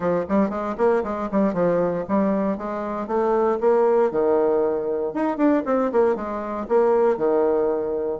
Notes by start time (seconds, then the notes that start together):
0.00 F3
0.28 G3
0.49 G#3
0.77 A#3
1.03 G#3
1.31 G3
1.53 F3
2.08 G3
2.57 G#3
3.07 A3
3.60 A#3
4.11 D#3
5.13 D#4
5.37 D4
5.65 C4
5.92 A#3
6.15 G#3
6.68 A#3
7.17 D#3